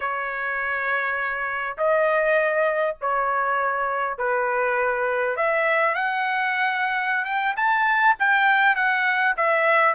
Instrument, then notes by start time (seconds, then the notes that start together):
trumpet
0.00 C#5
1.77 D#5
3.01 C#5
4.17 B4
5.36 E5
5.94 F#5
7.24 G5
7.56 A5
8.19 G5
8.75 F#5
9.36 E5